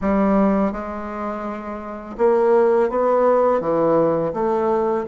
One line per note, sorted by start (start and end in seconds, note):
0.01 0.72 G3
0.72 2.16 G#3
2.17 2.89 A#3
2.89 3.60 B3
3.60 4.32 E3
4.33 5.05 A3